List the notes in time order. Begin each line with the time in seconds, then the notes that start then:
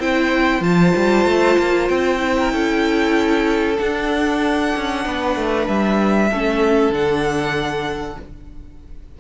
0.00 C4 E4 C5 G5
0.61 F3 F4 A5
0.97 G3
1.25 A3
1.59 A#3
1.89 C4 G5
2.19 E4
2.39 A#4
2.52 C#4 A4
3.77 D4 F#5
4.77 C#4
5.06 B3 B4
5.36 A3
5.68 G3 E5
6.30 A3 C#4 A4
6.90 D3 D4 F#5